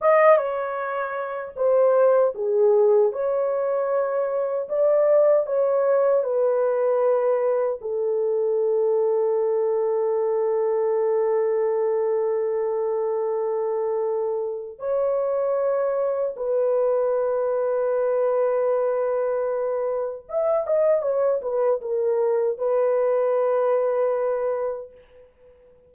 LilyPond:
\new Staff \with { instrumentName = "horn" } { \time 4/4 \tempo 4 = 77 dis''8 cis''4. c''4 gis'4 | cis''2 d''4 cis''4 | b'2 a'2~ | a'1~ |
a'2. cis''4~ | cis''4 b'2.~ | b'2 e''8 dis''8 cis''8 b'8 | ais'4 b'2. | }